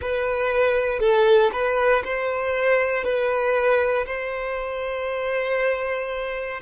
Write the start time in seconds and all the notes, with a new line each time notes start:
0.01 B4
0.99 A4
1.52 B4
2.04 C5
3.04 B4
4.06 C5